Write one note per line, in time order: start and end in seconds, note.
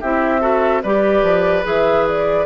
0.00 0.84 C4
0.00 0.40 E4
0.00 0.41 G4
0.00 0.83 E5
0.40 0.81 F#4
0.40 0.82 A4
0.83 1.23 G3
0.83 1.63 G4
0.83 2.46 B4
0.83 1.65 D5
1.23 1.64 F3
1.63 2.46 E3
1.63 2.46 G#4
1.63 2.07 E5
2.08 2.46 D5